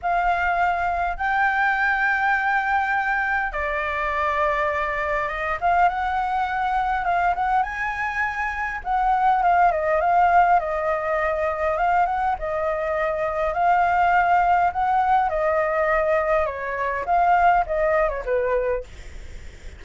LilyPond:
\new Staff \with { instrumentName = "flute" } { \time 4/4 \tempo 4 = 102 f''2 g''2~ | g''2 d''2~ | d''4 dis''8 f''8 fis''2 | f''8 fis''8 gis''2 fis''4 |
f''8 dis''8 f''4 dis''2 | f''8 fis''8 dis''2 f''4~ | f''4 fis''4 dis''2 | cis''4 f''4 dis''8. cis''16 b'4 | }